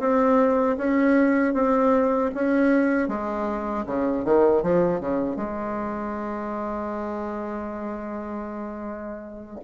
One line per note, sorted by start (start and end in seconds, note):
0.00 0.77 C4
0.77 1.54 C#4
1.54 2.31 C4
2.35 3.08 C#4
3.08 3.85 G#3
3.86 4.24 C#3
4.25 4.63 D#3
4.63 5.00 F3
5.00 5.36 C#3
5.36 9.59 G#3